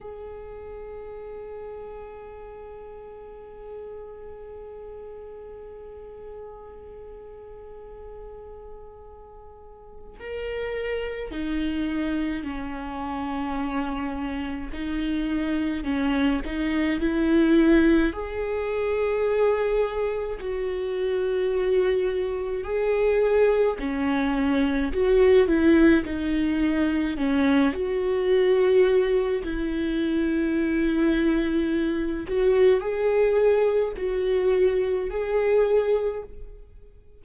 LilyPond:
\new Staff \with { instrumentName = "viola" } { \time 4/4 \tempo 4 = 53 gis'1~ | gis'1~ | gis'4 ais'4 dis'4 cis'4~ | cis'4 dis'4 cis'8 dis'8 e'4 |
gis'2 fis'2 | gis'4 cis'4 fis'8 e'8 dis'4 | cis'8 fis'4. e'2~ | e'8 fis'8 gis'4 fis'4 gis'4 | }